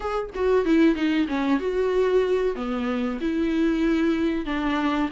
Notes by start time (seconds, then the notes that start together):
0.00 G#4
0.34 F#4
0.65 E4
0.95 D#4
1.28 C#4
1.59 F#4
2.55 B3
3.20 E4
4.45 D4